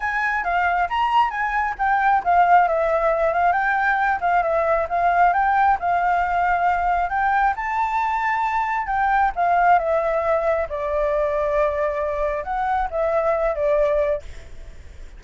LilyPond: \new Staff \with { instrumentName = "flute" } { \time 4/4 \tempo 4 = 135 gis''4 f''4 ais''4 gis''4 | g''4 f''4 e''4. f''8 | g''4. f''8 e''4 f''4 | g''4 f''2. |
g''4 a''2. | g''4 f''4 e''2 | d''1 | fis''4 e''4. d''4. | }